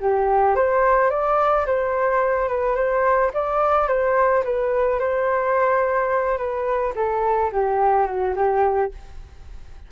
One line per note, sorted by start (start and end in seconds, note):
0.00 0.55 G4
0.55 1.10 C5
1.10 1.65 D5
1.66 2.48 C5
2.48 2.75 B4
2.75 3.31 C5
3.34 3.87 D5
3.87 4.43 C5
4.44 4.99 B4
4.99 6.37 C5
6.37 6.93 B4
6.95 7.51 A4
7.52 8.06 G4
8.06 8.34 F#4
8.35 8.91 G4